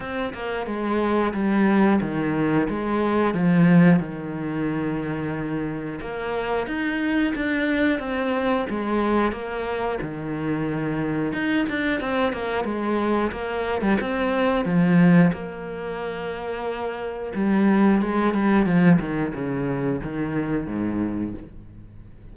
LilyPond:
\new Staff \with { instrumentName = "cello" } { \time 4/4 \tempo 4 = 90 c'8 ais8 gis4 g4 dis4 | gis4 f4 dis2~ | dis4 ais4 dis'4 d'4 | c'4 gis4 ais4 dis4~ |
dis4 dis'8 d'8 c'8 ais8 gis4 | ais8. g16 c'4 f4 ais4~ | ais2 g4 gis8 g8 | f8 dis8 cis4 dis4 gis,4 | }